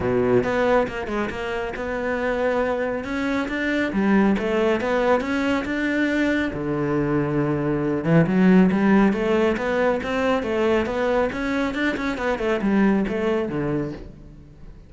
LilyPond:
\new Staff \with { instrumentName = "cello" } { \time 4/4 \tempo 4 = 138 b,4 b4 ais8 gis8 ais4 | b2. cis'4 | d'4 g4 a4 b4 | cis'4 d'2 d4~ |
d2~ d8 e8 fis4 | g4 a4 b4 c'4 | a4 b4 cis'4 d'8 cis'8 | b8 a8 g4 a4 d4 | }